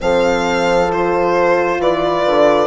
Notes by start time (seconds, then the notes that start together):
0.01 F3 C4 A4 F5
0.88 F4 C5
1.79 E3 B4 D5
2.26 D3